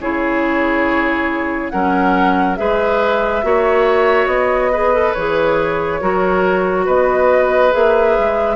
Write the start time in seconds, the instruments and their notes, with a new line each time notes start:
0.00 bassoon C#3, clarinet E4, oboe G#4, flute C#5
1.70 bassoon F#3, clarinet C#4, oboe A#4, flute F#5
2.56 bassoon G#3, clarinet G#4, oboe B4, flute E5
3.43 bassoon A#3, clarinet F#4, oboe C#5
4.27 bassoon B3, flute D#5
4.72 clarinet G#4, oboe B4
4.94 clarinet A4
5.14 bassoon E3, clarinet G#4, flute C#5
6.01 bassoon F#3, clarinet F#4, oboe A#4
6.86 bassoon B3, oboe B4, flute D#5
7.71 bassoon A#3, clarinet G#4, flute E5
8.19 bassoon G#3